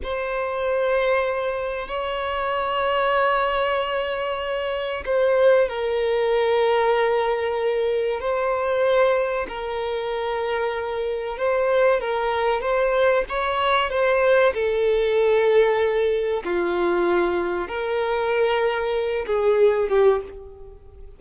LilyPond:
\new Staff \with { instrumentName = "violin" } { \time 4/4 \tempo 4 = 95 c''2. cis''4~ | cis''1 | c''4 ais'2.~ | ais'4 c''2 ais'4~ |
ais'2 c''4 ais'4 | c''4 cis''4 c''4 a'4~ | a'2 f'2 | ais'2~ ais'8 gis'4 g'8 | }